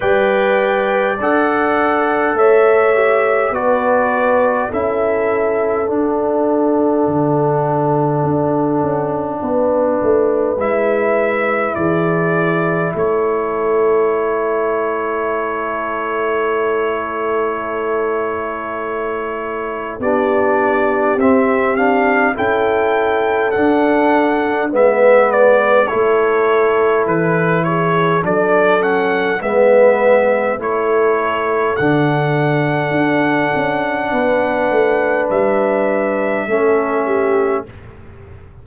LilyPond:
<<
  \new Staff \with { instrumentName = "trumpet" } { \time 4/4 \tempo 4 = 51 g''4 fis''4 e''4 d''4 | e''4 fis''2.~ | fis''4 e''4 d''4 cis''4~ | cis''1~ |
cis''4 d''4 e''8 f''8 g''4 | fis''4 e''8 d''8 cis''4 b'8 cis''8 | d''8 fis''8 e''4 cis''4 fis''4~ | fis''2 e''2 | }
  \new Staff \with { instrumentName = "horn" } { \time 4/4 d''2 cis''4 b'4 | a'1 | b'2 gis'4 a'4~ | a'1~ |
a'4 g'2 a'4~ | a'4 b'4 a'4. gis'8 | a'4 b'4 a'2~ | a'4 b'2 a'8 g'8 | }
  \new Staff \with { instrumentName = "trombone" } { \time 4/4 b'4 a'4. g'8 fis'4 | e'4 d'2.~ | d'4 e'2.~ | e'1~ |
e'4 d'4 c'8 d'8 e'4 | d'4 b4 e'2 | d'8 cis'8 b4 e'4 d'4~ | d'2. cis'4 | }
  \new Staff \with { instrumentName = "tuba" } { \time 4/4 g4 d'4 a4 b4 | cis'4 d'4 d4 d'8 cis'8 | b8 a8 gis4 e4 a4~ | a1~ |
a4 b4 c'4 cis'4 | d'4 gis4 a4 e4 | fis4 gis4 a4 d4 | d'8 cis'8 b8 a8 g4 a4 | }
>>